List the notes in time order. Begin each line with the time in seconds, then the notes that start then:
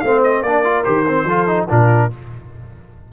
0.00 A3 C4 C5 F5
0.24 D#5
0.43 A#3 D4 A#4 D5
0.65 F4
0.85 D#3 G4 C5
1.08 C4
1.25 F3 F4 A4
1.48 D#4
1.68 A#2 D4 F4 A#4